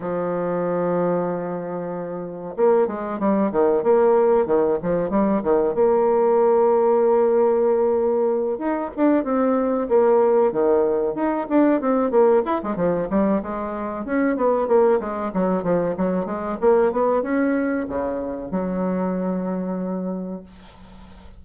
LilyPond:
\new Staff \with { instrumentName = "bassoon" } { \time 4/4 \tempo 4 = 94 f1 | ais8 gis8 g8 dis8 ais4 dis8 f8 | g8 dis8 ais2.~ | ais4. dis'8 d'8 c'4 ais8~ |
ais8 dis4 dis'8 d'8 c'8 ais8 e'16 gis16 | f8 g8 gis4 cis'8 b8 ais8 gis8 | fis8 f8 fis8 gis8 ais8 b8 cis'4 | cis4 fis2. | }